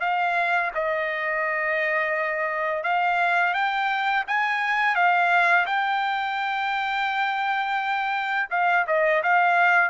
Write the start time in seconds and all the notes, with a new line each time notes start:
0.00 F5
0.74 D#5
2.83 F5
3.54 G5
4.27 G#5
4.95 F5
5.66 G5
8.50 F5
8.87 D#5
9.23 F5